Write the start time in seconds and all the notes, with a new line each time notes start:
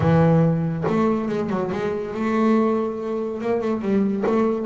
0.00 E3
0.87 A3
1.28 G#3
1.49 F#3
1.72 G#3
2.14 A3
3.41 A#3
3.61 A3
3.81 G3
4.26 A3